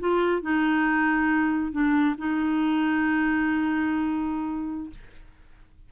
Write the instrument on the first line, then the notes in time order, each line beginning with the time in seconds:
clarinet
0.00 F4
0.42 D#4
1.72 D4
2.18 D#4